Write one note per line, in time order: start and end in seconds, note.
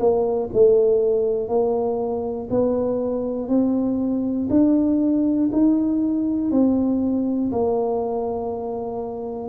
0.00 0.50 A#3
0.53 1.49 A3
1.49 2.49 A#3
2.50 3.49 B3
3.49 4.49 C4
4.50 5.50 D4
5.53 6.51 D#4
6.51 7.51 C4
7.52 9.49 A#3